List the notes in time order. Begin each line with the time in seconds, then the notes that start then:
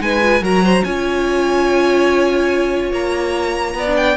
0.00 G#3 D#4 B4 G#5
0.22 F4
0.41 F#3 F#4 A#4 A#5
0.64 C5
0.84 C#4 F4 C#5 G#5
2.92 A#3 A#5
3.75 B3 D5
3.87 D4
3.97 G5